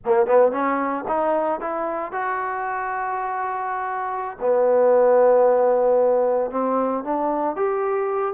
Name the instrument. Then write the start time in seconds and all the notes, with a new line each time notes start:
trombone
0.05 A#3
0.26 B3
0.51 C#4
1.07 D#4
1.60 E4
2.12 F#4
4.40 B3
6.50 C4
7.04 D4
7.56 G4